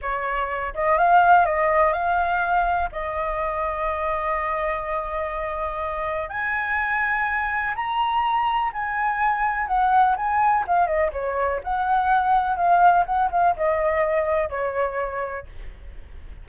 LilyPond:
\new Staff \with { instrumentName = "flute" } { \time 4/4 \tempo 4 = 124 cis''4. dis''8 f''4 dis''4 | f''2 dis''2~ | dis''1~ | dis''4 gis''2. |
ais''2 gis''2 | fis''4 gis''4 f''8 dis''8 cis''4 | fis''2 f''4 fis''8 f''8 | dis''2 cis''2 | }